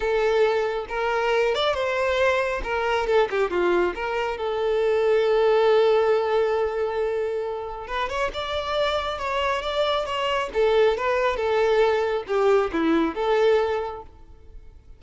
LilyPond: \new Staff \with { instrumentName = "violin" } { \time 4/4 \tempo 4 = 137 a'2 ais'4. d''8 | c''2 ais'4 a'8 g'8 | f'4 ais'4 a'2~ | a'1~ |
a'2 b'8 cis''8 d''4~ | d''4 cis''4 d''4 cis''4 | a'4 b'4 a'2 | g'4 e'4 a'2 | }